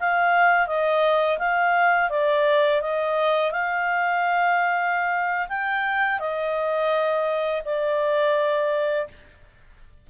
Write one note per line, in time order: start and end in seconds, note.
0.00 0.67 F5
0.67 1.38 D#5
1.39 2.10 F5
2.10 2.81 D5
2.81 3.51 D#5
3.51 5.48 F5
5.49 6.19 G5
6.19 7.62 D#5
7.65 9.08 D5